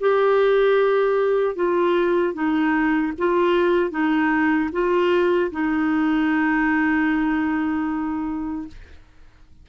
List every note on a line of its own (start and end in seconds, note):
0.00 1.55 G4
1.55 2.33 F4
2.33 3.12 D#4
3.18 3.90 F4
3.90 4.69 D#4
4.72 5.51 F4
5.51 8.67 D#4